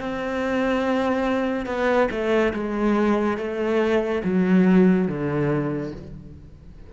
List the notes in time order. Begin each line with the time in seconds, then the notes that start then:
0.00 C4
1.66 B3
2.11 A3
2.54 G#3
3.37 A3
4.24 F#3
5.08 D3